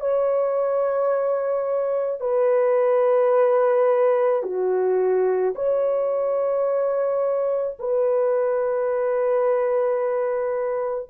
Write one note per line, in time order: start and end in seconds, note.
0.00 2.21 C#5
2.21 4.43 B4
4.43 5.54 F#4
5.56 7.78 C#5
7.79 11.10 B4